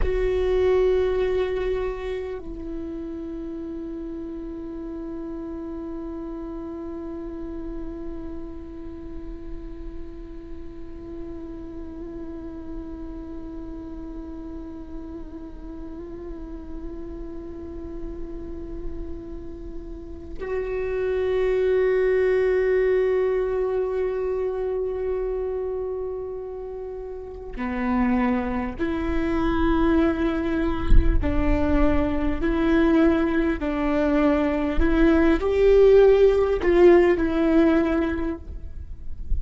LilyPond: \new Staff \with { instrumentName = "viola" } { \time 4/4 \tempo 4 = 50 fis'2 e'2~ | e'1~ | e'1~ | e'1~ |
e'4 fis'2.~ | fis'2. b4 | e'2 d'4 e'4 | d'4 e'8 g'4 f'8 e'4 | }